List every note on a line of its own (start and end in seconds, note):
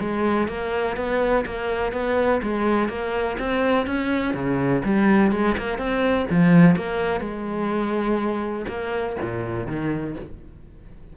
0.00 0.48 G#3
0.48 0.96 A#3
0.96 1.45 B3
1.46 1.92 A#3
1.92 2.41 B3
2.42 2.89 G#3
2.89 3.37 A#3
3.39 3.87 C4
3.87 4.34 C#4
4.34 4.83 C#3
4.84 5.32 G3
5.32 5.56 G#3
5.58 5.78 A#3
5.78 6.26 C4
6.30 6.76 F3
6.76 7.21 A#3
7.21 8.66 G#3
8.68 9.16 A#3
9.22 9.67 A#2
9.67 10.16 D#3